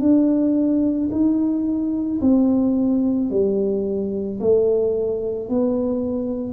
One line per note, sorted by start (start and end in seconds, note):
0.00 1.09 D4
1.11 2.20 D#4
2.21 3.30 C4
3.30 4.39 G3
4.40 5.48 A3
5.48 6.53 B3